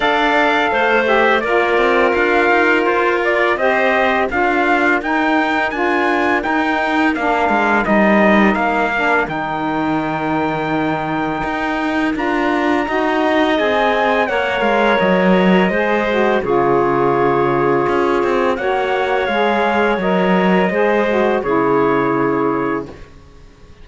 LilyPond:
<<
  \new Staff \with { instrumentName = "trumpet" } { \time 4/4 \tempo 4 = 84 f''4. e''8 d''4 f''4 | c''8 d''8 dis''4 f''4 g''4 | gis''4 g''4 f''4 dis''4 | f''4 g''2.~ |
g''4 ais''2 gis''4 | fis''8 f''8 dis''2 cis''4~ | cis''2 fis''4 f''4 | dis''2 cis''2 | }
  \new Staff \with { instrumentName = "clarinet" } { \time 4/4 d''4 c''4 ais'2~ | ais'4 c''4 ais'2~ | ais'1~ | ais'1~ |
ais'2 dis''2 | cis''2 c''4 gis'4~ | gis'2 cis''2~ | cis''4 c''4 gis'2 | }
  \new Staff \with { instrumentName = "saxophone" } { \time 4/4 a'4. g'8 f'2~ | f'4 g'4 f'4 dis'4 | f'4 dis'4 d'4 dis'4~ | dis'8 d'8 dis'2.~ |
dis'4 f'4 fis'4 gis'4 | ais'2 gis'8 fis'8 f'4~ | f'2 fis'4 gis'4 | ais'4 gis'8 fis'8 e'2 | }
  \new Staff \with { instrumentName = "cello" } { \time 4/4 d'4 a4 ais8 c'8 d'8 dis'8 | f'4 c'4 d'4 dis'4 | d'4 dis'4 ais8 gis8 g4 | ais4 dis2. |
dis'4 d'4 dis'4 c'4 | ais8 gis8 fis4 gis4 cis4~ | cis4 cis'8 c'8 ais4 gis4 | fis4 gis4 cis2 | }
>>